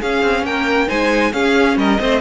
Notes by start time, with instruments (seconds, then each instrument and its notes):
0.00 viola C#4, cello C#4, violin G#4 F5
0.22 cello C4
0.43 cello A#3, violin A#4 G5
0.88 cello G#3, viola D#4, violin C5 G#5
1.33 cello C#4, viola C#4, violin G#4 F5
1.77 cello G3, violin A#4 D#5
2.00 cello A3, viola C4, violin C5